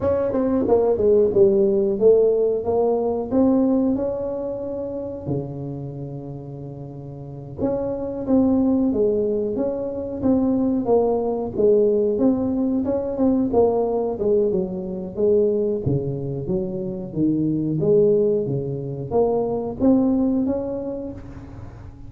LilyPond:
\new Staff \with { instrumentName = "tuba" } { \time 4/4 \tempo 4 = 91 cis'8 c'8 ais8 gis8 g4 a4 | ais4 c'4 cis'2 | cis2.~ cis8 cis'8~ | cis'8 c'4 gis4 cis'4 c'8~ |
c'8 ais4 gis4 c'4 cis'8 | c'8 ais4 gis8 fis4 gis4 | cis4 fis4 dis4 gis4 | cis4 ais4 c'4 cis'4 | }